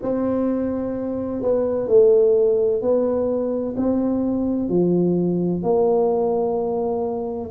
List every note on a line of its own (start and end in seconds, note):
0.02 1.42 C4
1.42 1.87 B3
1.87 2.81 A3
2.81 3.75 B3
3.77 4.69 C4
4.69 5.62 F3
5.62 7.50 A#3